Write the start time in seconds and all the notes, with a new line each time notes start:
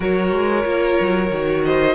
0.00 F#3 F#4 A#4 C#5
0.31 G#3
0.63 A#3 F4
1.00 F#3
1.30 D#3 F#4
1.65 C5 D#5